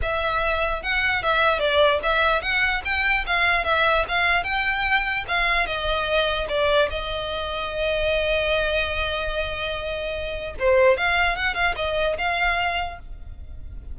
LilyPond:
\new Staff \with { instrumentName = "violin" } { \time 4/4 \tempo 4 = 148 e''2 fis''4 e''4 | d''4 e''4 fis''4 g''4 | f''4 e''4 f''4 g''4~ | g''4 f''4 dis''2 |
d''4 dis''2.~ | dis''1~ | dis''2 c''4 f''4 | fis''8 f''8 dis''4 f''2 | }